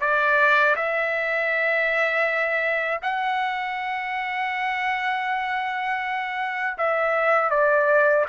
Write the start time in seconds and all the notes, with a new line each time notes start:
0.00 D5
0.75 E5
3.02 F#5
6.77 E5
7.50 D5